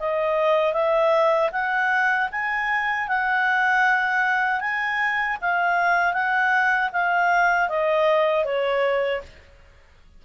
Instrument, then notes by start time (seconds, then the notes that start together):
clarinet
0.00 D#5
0.74 E5
1.52 F#5
2.32 G#5
3.09 F#5
4.61 G#5
5.42 F5
6.14 F#5
6.93 F5
7.69 D#5
8.45 C#5